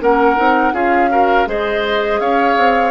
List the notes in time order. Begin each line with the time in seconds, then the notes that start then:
0.00 A#3 C#4 A#4 F#5
0.36 C4 D#4
0.73 C#4 F4 G#4 F5
1.09 F#4 A#4
1.46 G#3 G#4 C5 D#5
2.20 C#4 C#5 F5
2.57 C4